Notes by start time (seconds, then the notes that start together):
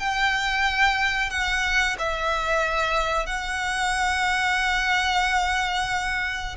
0.00 G5
1.31 F#5
1.99 E5
3.27 F#5